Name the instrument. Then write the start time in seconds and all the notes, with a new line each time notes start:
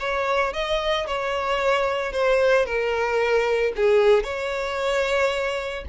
violin
0.00 C#5
0.54 D#5
1.07 C#5
2.13 C5
2.66 A#4
3.76 G#4
4.24 C#5